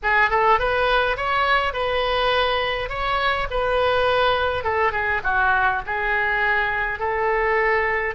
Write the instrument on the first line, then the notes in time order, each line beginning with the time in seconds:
oboe
0.03 G#4
0.30 A4
0.59 B4
1.17 C#5
1.73 B4
2.89 C#5
3.50 B4
4.64 A4
4.92 G#4
5.23 F#4
5.86 G#4
6.99 A4